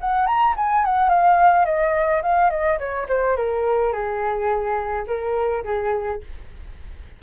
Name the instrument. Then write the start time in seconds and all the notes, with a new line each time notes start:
flute
0.00 F#5
0.26 A#5
0.56 G#5
0.84 F#5
1.09 F5
1.65 D#5
2.22 F5
2.50 D#5
2.78 C#5
3.08 C5
3.36 A#4
3.92 G#4
5.07 A#4
5.64 G#4